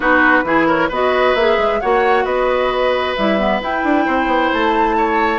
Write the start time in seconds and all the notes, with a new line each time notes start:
0.00 B3 D#4 F#4 B4
0.44 E3 E4 G#4
0.66 A#4 C#5
0.89 B3 F#4 B4 D#5
1.34 A#3 G#4 E5
1.58 G#3
1.80 A#3 F#4 C#5 F#5
2.24 B3 B4 D#5
3.15 G3 E4 E5
3.38 B3
3.60 E4 G5
3.83 D4
4.06 C4 C5
4.26 B3
4.53 A3 A5
4.97 C#5